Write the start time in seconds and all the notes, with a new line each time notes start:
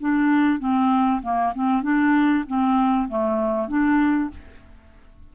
0.00 D4
0.59 C4
1.22 A#3
1.55 C4
1.83 D4
2.47 C4
3.08 A3
3.68 D4